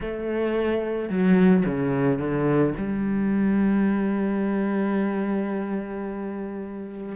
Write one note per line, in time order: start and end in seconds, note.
0.01 1.09 A3
1.09 1.64 F#3
1.65 2.18 C#3
2.18 2.73 D3
2.77 7.15 G3